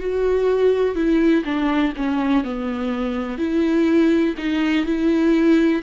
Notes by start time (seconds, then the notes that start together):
0.00 F#4
0.95 E4
1.45 D4
1.96 C#4
2.44 B3
3.38 E4
4.37 D#4
4.86 E4